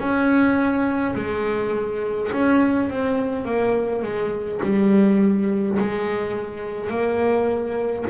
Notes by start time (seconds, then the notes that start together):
0.00 C#4
1.16 G#3
2.33 C#4
2.90 C4
3.46 A#3
4.03 G#3
4.63 G3
5.80 G#3
6.90 A#3